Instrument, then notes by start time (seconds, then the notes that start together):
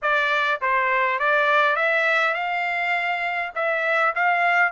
trumpet
0.02 D5
0.61 C5
1.19 D5
1.76 E5
2.33 F5
3.55 E5
4.15 F5